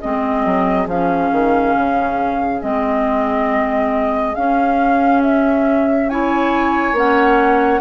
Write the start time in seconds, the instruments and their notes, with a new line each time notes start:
0.00 bassoon G#3, clarinet C4, oboe G#4, flute D#5
0.45 bassoon F#3
0.86 bassoon F3, clarinet C#4, flute F5
1.32 bassoon D#3
1.75 bassoon C#3
2.60 bassoon G#3, clarinet C4, flute D#5
4.34 clarinet C#4, bassoon C#4, flute F5
5.22 flute E5
6.09 clarinet E4, oboe C#5, flute G#5
6.92 bassoon A#3, clarinet C#4, flute F#5